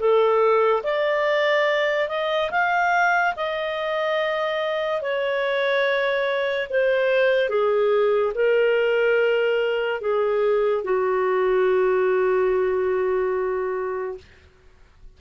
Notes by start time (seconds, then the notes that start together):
0.00 A4
0.84 D5
2.09 D#5
2.51 F5
3.36 D#5
5.02 C#5
6.70 C5
7.50 G#4
8.34 A#4
10.01 G#4
10.84 F#4